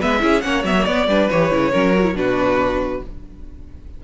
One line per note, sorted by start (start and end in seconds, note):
0.00 0.23 G#3
0.00 0.20 B3
0.00 0.22 B4
0.00 0.42 E5
0.20 0.45 C#4
0.20 0.42 E4
0.20 0.45 G#4
0.42 0.64 A#3
0.42 0.65 C#4
0.42 1.09 C#5
0.42 0.63 F#5
0.64 0.86 F#3
0.64 0.76 B3
0.64 0.85 E5
0.77 0.87 A#3
0.85 1.08 B3
0.85 1.09 B3
0.85 1.29 D5
1.08 1.29 G3
1.08 1.31 D4
1.08 1.72 B4
1.31 1.52 E3
1.31 1.52 G4
1.31 2.17 C#5
1.52 1.73 C#3
1.52 1.73 E4
1.72 2.15 F#3
1.72 1.95 C#4
1.72 2.15 A#4
1.98 2.04 F#4
2.04 2.14 E4
2.15 3.01 B2
2.15 3.02 D4
2.15 3.05 F#4
2.15 3.03 B4